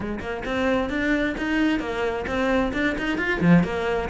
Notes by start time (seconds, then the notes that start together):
0.00 G#3
0.20 A#3
0.45 C4
0.89 D4
1.37 D#4
1.79 A#3
2.26 C4
2.73 D4
2.98 D#4
3.17 F4
3.40 F3
3.63 A#3